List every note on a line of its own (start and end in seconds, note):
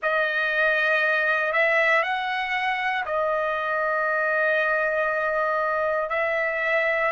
0.02 1.52 D#5
1.52 2.02 E5
2.02 3.04 F#5
3.05 6.09 D#5
6.09 7.11 E5